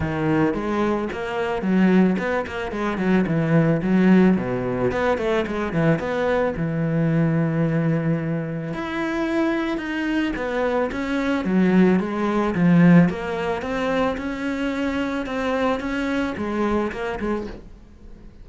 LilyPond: \new Staff \with { instrumentName = "cello" } { \time 4/4 \tempo 4 = 110 dis4 gis4 ais4 fis4 | b8 ais8 gis8 fis8 e4 fis4 | b,4 b8 a8 gis8 e8 b4 | e1 |
e'2 dis'4 b4 | cis'4 fis4 gis4 f4 | ais4 c'4 cis'2 | c'4 cis'4 gis4 ais8 gis8 | }